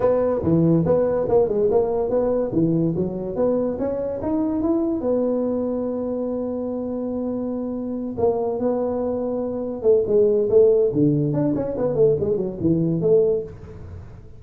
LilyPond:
\new Staff \with { instrumentName = "tuba" } { \time 4/4 \tempo 4 = 143 b4 e4 b4 ais8 gis8 | ais4 b4 e4 fis4 | b4 cis'4 dis'4 e'4 | b1~ |
b2.~ b8 ais8~ | ais8 b2. a8 | gis4 a4 d4 d'8 cis'8 | b8 a8 gis8 fis8 e4 a4 | }